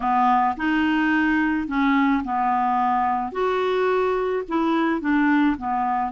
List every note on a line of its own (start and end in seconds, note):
0.00 0.55 B3
0.57 1.67 D#4
1.67 2.22 C#4
2.23 3.32 B3
3.32 4.43 F#4
4.48 5.01 E4
5.01 5.56 D4
5.57 6.11 B3